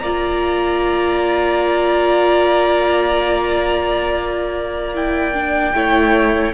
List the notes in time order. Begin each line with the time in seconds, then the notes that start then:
0.00 A#3 F4 D5 A#5
4.95 E4 G5
5.34 D4
5.75 A3 E4 C#5